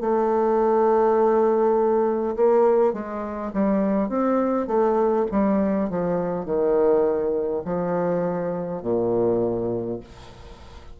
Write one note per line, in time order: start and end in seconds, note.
0.00 2.35 A3
2.36 2.93 A#3
2.93 3.52 G#3
3.53 4.09 G3
4.09 4.67 C4
4.67 5.26 A3
5.31 5.89 G3
5.89 6.45 F3
6.45 7.63 D#3
7.65 8.82 F3
8.82 9.99 A#2